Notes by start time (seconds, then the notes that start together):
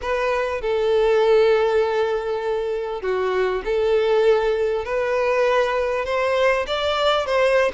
0.01 B4
0.61 A4
3.01 F#4
3.64 A4
4.85 B4
6.05 C5
6.67 D5
7.26 C5